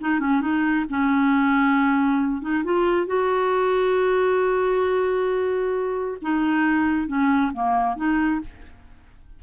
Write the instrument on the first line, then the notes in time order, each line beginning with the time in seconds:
clarinet
0.00 D#4
0.19 C#4
0.41 D#4
0.89 C#4
2.41 D#4
2.64 F4
3.06 F#4
6.21 D#4
7.07 C#4
7.53 A#3
7.96 D#4